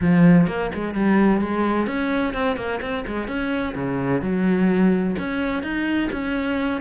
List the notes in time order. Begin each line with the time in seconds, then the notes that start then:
0.01 F3
0.47 A#3
0.74 G#3
0.94 G3
1.41 G#3
1.86 C#4
2.33 C4
2.56 A#3
2.81 C4
3.07 G#3
3.27 C#4
3.75 C#3
4.21 F#3
5.18 C#4
5.62 D#4
6.12 C#4